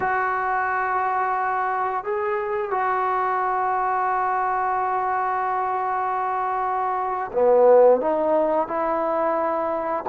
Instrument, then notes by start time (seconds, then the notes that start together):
trombone
0.00 F#4
2.03 G#4
2.71 F#4
7.32 B3
8.00 D#4
8.67 E4